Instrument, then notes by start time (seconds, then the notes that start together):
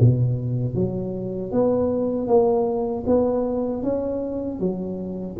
tuba
0.00 B2
0.75 F#3
1.52 B3
2.27 A#3
3.06 B3
3.83 C#4
4.60 F#3